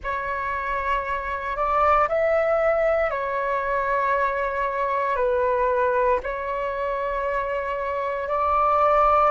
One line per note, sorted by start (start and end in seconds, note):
0.03 1.56 C#5
1.56 2.07 D5
2.08 3.10 E5
3.10 5.16 C#5
5.16 6.19 B4
6.23 8.28 C#5
8.28 9.31 D5